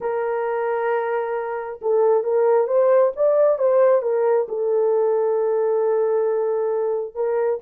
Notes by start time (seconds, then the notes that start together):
0.00 A#4
1.81 A4
2.23 A#4
2.67 C5
3.15 D5
3.58 C5
4.02 A#4
4.48 A4
7.14 A#4